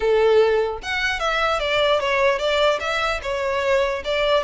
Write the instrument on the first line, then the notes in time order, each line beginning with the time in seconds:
violin
0.00 A4
0.83 F#5
1.19 E5
1.59 D5
2.00 C#5
2.39 D5
2.80 E5
3.22 C#5
4.04 D5